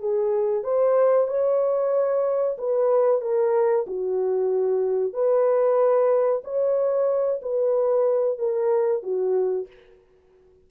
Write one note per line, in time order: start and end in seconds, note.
0.00 0.64 G#4
0.64 1.28 C5
1.28 2.57 C#5
2.59 3.22 B4
3.22 3.86 A#4
3.87 5.14 F#4
5.14 6.43 B4
6.45 7.41 C#5
7.43 8.39 B4
8.39 9.03 A#4
9.03 9.68 F#4